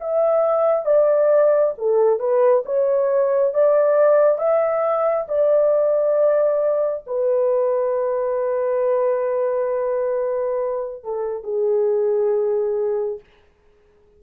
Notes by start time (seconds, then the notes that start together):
0.00 E5
0.85 D5
1.78 A4
2.19 B4
2.65 C#5
3.54 D5
4.38 E5
5.28 D5
7.06 B4
11.04 A4
11.43 G#4